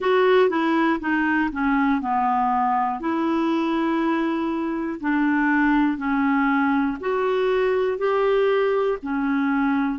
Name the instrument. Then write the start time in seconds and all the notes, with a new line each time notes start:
clarinet
0.00 F#4
0.50 E4
1.00 D#4
1.52 C#4
2.01 B3
3.00 E4
5.00 D4
5.97 C#4
7.00 F#4
7.98 G4
9.02 C#4